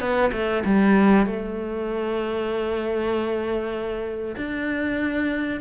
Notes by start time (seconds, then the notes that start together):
0.00 B3
0.32 A3
0.65 G3
1.26 A3
4.37 D4